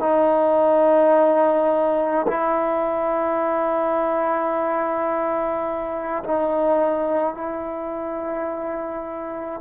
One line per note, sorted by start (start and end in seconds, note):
0.00 2.26 D#4
2.27 6.24 E4
6.24 7.34 D#4
7.34 9.61 E4